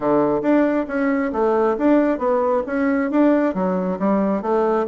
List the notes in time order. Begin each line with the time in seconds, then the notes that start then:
0.00 D3
0.42 D4
0.87 C#4
1.32 A3
1.78 D4
2.18 B3
2.66 C#4
3.10 D4
3.54 F#3
3.99 G3
4.42 A3